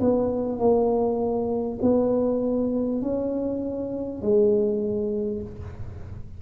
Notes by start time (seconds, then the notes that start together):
0.00 B3
0.59 A#3
1.82 B3
3.02 C#4
4.22 G#3